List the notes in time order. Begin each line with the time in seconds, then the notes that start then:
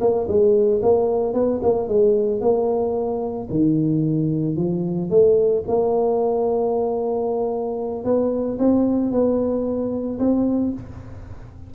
0.00 A#3
0.28 G#3
0.82 A#3
1.33 B3
1.63 A#3
1.87 G#3
2.41 A#3
3.50 D#3
4.56 F3
5.10 A3
5.67 A#3
8.04 B3
8.59 C4
9.11 B3
10.19 C4